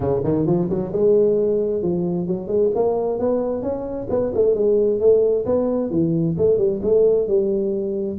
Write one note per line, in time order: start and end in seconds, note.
0.00 0.22 C#3
0.24 0.46 D#3
0.46 0.69 F3
0.69 0.92 F#3
0.92 1.82 G#3
1.82 2.27 F3
2.27 2.47 F#3
2.47 2.70 G#3
2.74 3.19 A#3
3.19 3.62 B3
3.62 4.07 C#4
4.09 4.32 B3
4.34 4.55 A3
4.55 5.00 G#3
5.00 5.45 A3
5.45 5.90 B3
5.90 6.35 E3
6.37 6.57 A3
6.57 6.80 G3
6.82 7.27 A3
7.27 8.18 G3